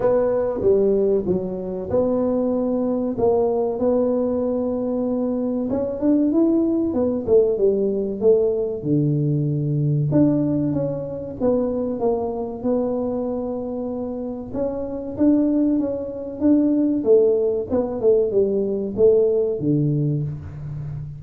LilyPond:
\new Staff \with { instrumentName = "tuba" } { \time 4/4 \tempo 4 = 95 b4 g4 fis4 b4~ | b4 ais4 b2~ | b4 cis'8 d'8 e'4 b8 a8 | g4 a4 d2 |
d'4 cis'4 b4 ais4 | b2. cis'4 | d'4 cis'4 d'4 a4 | b8 a8 g4 a4 d4 | }